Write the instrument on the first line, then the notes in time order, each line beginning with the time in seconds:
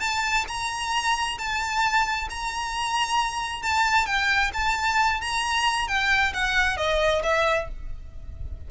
violin
0.00 A5
0.48 A#5
1.38 A5
2.30 A#5
3.63 A5
4.06 G5
4.53 A5
5.21 A#5
5.88 G5
6.34 F#5
6.77 D#5
7.23 E5